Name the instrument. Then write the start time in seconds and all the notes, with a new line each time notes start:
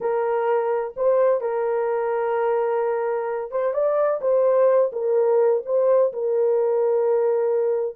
horn
0.00 A#4
0.96 C5
1.40 A#4
3.51 C5
3.73 D5
4.21 C5
4.92 A#4
5.65 C5
6.12 A#4